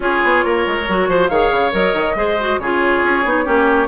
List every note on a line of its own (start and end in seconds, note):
0.00 0.21 C#4
0.00 0.84 F4
0.00 0.45 G#4
0.00 1.28 C#5
0.23 0.44 B3
0.44 0.66 A#3
0.44 1.09 A#4
0.67 0.88 G#3
0.88 1.08 F#3
0.88 1.30 F#4
1.08 1.29 F3
1.08 1.30 C5
1.28 1.51 D#3
1.28 1.71 G#4
1.28 2.16 C#5
1.28 1.71 F5
1.51 1.73 C#3
1.71 1.93 F#3
1.71 2.14 A#4
1.71 2.59 D#5
1.93 2.15 D#3
2.15 2.58 G#3
2.15 2.37 G#4
2.15 2.60 C5
2.39 2.61 F#4
2.58 3.02 C#3
2.58 3.25 F4
2.58 3.44 G#4
2.58 3.87 C#5
3.03 3.24 C#4
3.24 3.46 B3
3.24 3.44 D#4
3.44 3.87 A#3
3.44 3.87 C#4
3.44 3.87 G4